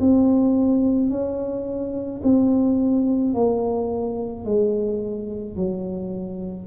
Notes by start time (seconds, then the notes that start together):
0.00 C4
1.10 C#4
2.23 C4
3.34 A#3
4.45 G#3
5.56 F#3